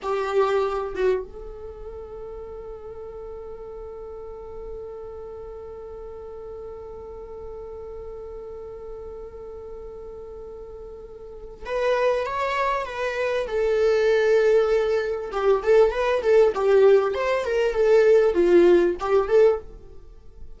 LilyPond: \new Staff \with { instrumentName = "viola" } { \time 4/4 \tempo 4 = 98 g'4. fis'8 a'2~ | a'1~ | a'1~ | a'1~ |
a'2. b'4 | cis''4 b'4 a'2~ | a'4 g'8 a'8 b'8 a'8 g'4 | c''8 ais'8 a'4 f'4 g'8 a'8 | }